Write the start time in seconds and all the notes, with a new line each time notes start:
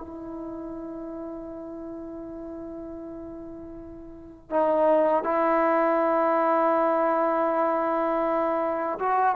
0.00 E4
4.50 D#4
5.23 E4
8.99 F#4